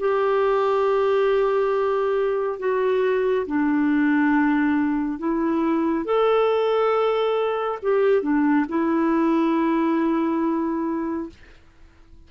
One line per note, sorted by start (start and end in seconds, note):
0.00 2.60 G4
2.60 3.47 F#4
3.47 5.19 D4
5.19 6.05 E4
6.05 7.79 A4
7.83 8.23 G4
8.23 8.66 D4
8.69 11.30 E4